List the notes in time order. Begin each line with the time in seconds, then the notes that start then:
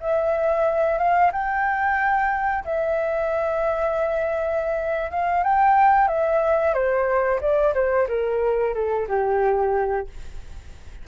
0.00 E5
0.98 F5
1.32 G5
2.65 E5
5.11 F5
5.43 G5
6.08 E5
6.74 C5
7.41 D5
7.74 C5
8.08 A#4
8.74 A4
9.08 G4